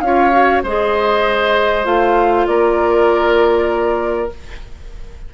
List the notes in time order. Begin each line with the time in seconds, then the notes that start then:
0.00 C#4 F4 F5
0.07 C#5
0.32 F#4
0.63 G#3 G#4 C5 D#5
1.84 A3 F4 F5
2.47 A#3 A#4 D5